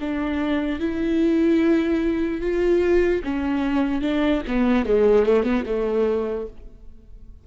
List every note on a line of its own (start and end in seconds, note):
0.00 0.80 D4
0.80 2.41 E4
2.41 3.22 F4
3.24 4.01 C#4
4.01 4.42 D4
4.47 4.86 B3
4.86 5.26 G#3
5.26 5.44 A3
5.44 5.64 B3
5.66 6.47 A3